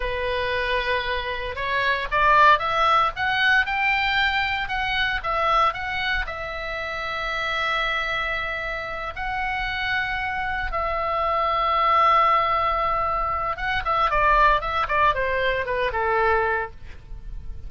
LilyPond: \new Staff \with { instrumentName = "oboe" } { \time 4/4 \tempo 4 = 115 b'2. cis''4 | d''4 e''4 fis''4 g''4~ | g''4 fis''4 e''4 fis''4 | e''1~ |
e''4. fis''2~ fis''8~ | fis''8 e''2.~ e''8~ | e''2 fis''8 e''8 d''4 | e''8 d''8 c''4 b'8 a'4. | }